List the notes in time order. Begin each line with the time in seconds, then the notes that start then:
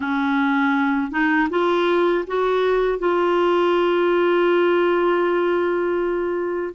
0.00 C#4
1.10 D#4
1.50 F4
2.27 F#4
2.99 F4